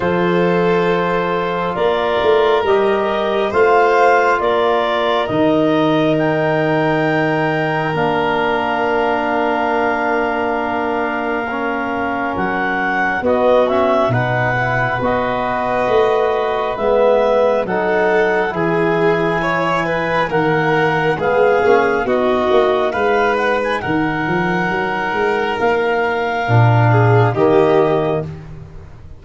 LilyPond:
<<
  \new Staff \with { instrumentName = "clarinet" } { \time 4/4 \tempo 4 = 68 c''2 d''4 dis''4 | f''4 d''4 dis''4 g''4~ | g''4 f''2.~ | f''2 fis''4 dis''8 e''8 |
fis''4 dis''2 e''4 | fis''4 gis''2 fis''4 | f''4 dis''4 f''8 fis''16 gis''16 fis''4~ | fis''4 f''2 dis''4 | }
  \new Staff \with { instrumentName = "violin" } { \time 4/4 a'2 ais'2 | c''4 ais'2.~ | ais'1~ | ais'2. fis'4 |
b'1 | a'4 gis'4 cis''8 b'8 ais'4 | gis'4 fis'4 b'4 ais'4~ | ais'2~ ais'8 gis'8 g'4 | }
  \new Staff \with { instrumentName = "trombone" } { \time 4/4 f'2. g'4 | f'2 dis'2~ | dis'4 d'2.~ | d'4 cis'2 b8 cis'8 |
dis'8 e'8 fis'2 b4 | dis'4 e'2 ais4 | b8 cis'8 dis'2.~ | dis'2 d'4 ais4 | }
  \new Staff \with { instrumentName = "tuba" } { \time 4/4 f2 ais8 a8 g4 | a4 ais4 dis2~ | dis4 ais2.~ | ais2 fis4 b4 |
b,4 b4 a4 gis4 | fis4 e2 dis4 | gis8 ais8 b8 ais8 gis4 dis8 f8 | fis8 gis8 ais4 ais,4 dis4 | }
>>